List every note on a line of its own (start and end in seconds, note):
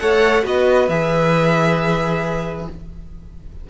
0.00 0.44 A3
0.00 0.43 A4
0.00 0.44 C#5
0.00 0.45 F#5
0.43 0.89 B3
0.43 0.88 F#4
0.43 2.68 B4
0.43 0.89 D#5
0.89 2.68 E3
0.89 2.70 G#4
0.89 2.68 E5